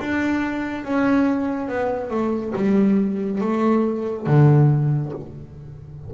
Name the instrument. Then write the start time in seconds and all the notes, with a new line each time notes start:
double bass
0.00 D4
0.84 C#4
1.68 B3
2.10 A3
2.56 G3
3.41 A3
4.27 D3